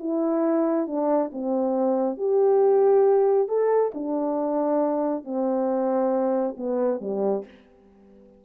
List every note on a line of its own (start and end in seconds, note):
0.00 0.87 E4
0.87 1.31 D4
1.33 2.18 C4
2.18 3.49 G4
3.49 3.92 A4
3.95 5.25 D4
5.25 6.56 C4
6.58 7.01 B3
7.01 7.45 G3